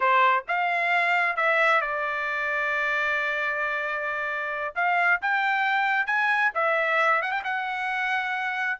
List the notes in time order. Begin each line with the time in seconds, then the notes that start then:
0.00 C5
0.48 F5
1.36 E5
1.81 D5
4.75 F5
5.21 G5
6.06 G#5
6.54 E5
7.22 F#5
7.31 G5
7.44 F#5